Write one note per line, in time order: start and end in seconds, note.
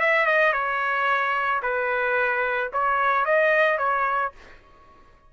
0.00 0.27 E5
0.27 0.53 D#5
0.53 1.61 C#5
1.63 2.71 B4
2.73 3.26 C#5
3.26 3.78 D#5
3.78 4.32 C#5